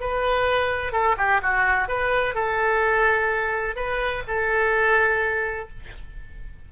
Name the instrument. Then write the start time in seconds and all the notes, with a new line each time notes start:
oboe
0.00 B4
0.92 A4
1.17 G4
1.42 F#4
1.88 B4
2.35 A4
3.76 B4
4.27 A4